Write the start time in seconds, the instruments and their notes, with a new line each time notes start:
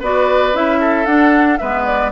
0.00 bassoon B3, clarinet F#4, oboe B4, flute D5
0.53 bassoon C#4, clarinet E4, flute E5
0.80 oboe A4
1.05 bassoon D4, clarinet D4, flute F#5
1.58 bassoon G#3, clarinet B3, oboe B4, flute E5
1.85 flute D5